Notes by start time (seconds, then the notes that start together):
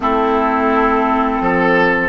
0.00 A3 C4 E4 A4
1.40 F3 A4